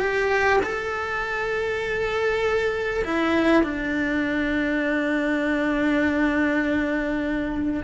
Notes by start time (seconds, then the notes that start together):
0.00 G4
0.63 A4
3.04 E4
3.63 D4